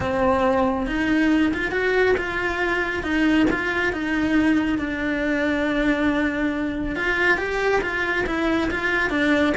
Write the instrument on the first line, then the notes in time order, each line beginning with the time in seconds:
cello
0.00 C4
0.87 D#4
1.53 F4
1.71 F#4
2.17 F4
3.03 D#4
3.50 F4
3.92 D#4
4.78 D4
6.95 F4
7.37 G4
7.81 F4
8.26 E4
8.71 F4
9.10 D4